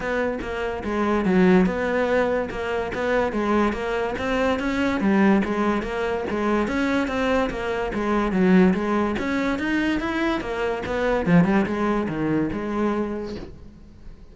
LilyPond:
\new Staff \with { instrumentName = "cello" } { \time 4/4 \tempo 4 = 144 b4 ais4 gis4 fis4 | b2 ais4 b4 | gis4 ais4 c'4 cis'4 | g4 gis4 ais4 gis4 |
cis'4 c'4 ais4 gis4 | fis4 gis4 cis'4 dis'4 | e'4 ais4 b4 f8 g8 | gis4 dis4 gis2 | }